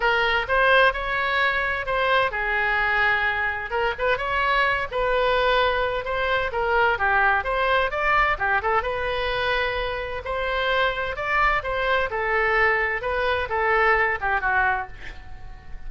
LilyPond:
\new Staff \with { instrumentName = "oboe" } { \time 4/4 \tempo 4 = 129 ais'4 c''4 cis''2 | c''4 gis'2. | ais'8 b'8 cis''4. b'4.~ | b'4 c''4 ais'4 g'4 |
c''4 d''4 g'8 a'8 b'4~ | b'2 c''2 | d''4 c''4 a'2 | b'4 a'4. g'8 fis'4 | }